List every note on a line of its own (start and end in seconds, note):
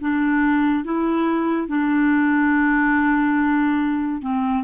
0.00 0.85 D4
0.85 1.68 E4
1.68 4.21 D4
4.21 4.63 C4